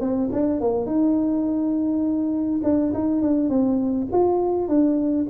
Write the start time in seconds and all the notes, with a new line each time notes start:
0.00 C4
0.32 D4
0.61 A#3
0.86 D#4
2.63 D4
2.94 D#4
3.22 D4
3.49 C4
4.12 F4
4.68 D4